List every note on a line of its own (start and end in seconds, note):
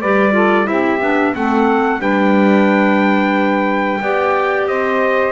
0.00 0.68 G3
0.00 0.32 G4
0.00 0.33 B4
0.00 0.67 D5
0.32 0.64 F4
0.32 0.66 A4
0.64 1.01 C4
0.64 0.98 E4
0.64 1.33 G4
0.64 1.34 E5
1.01 1.34 B3
1.01 1.34 D4
1.34 2.00 A3
1.34 2.00 C4
1.34 2.00 A4
1.34 2.01 F#5
2.00 4.00 G3
2.00 4.00 D4
2.00 4.00 B4
2.00 4.67 G5
4.01 4.67 B3
4.01 5.32 G4
4.01 4.68 D5
4.67 5.32 C4
4.67 5.32 C5
4.67 5.32 D#5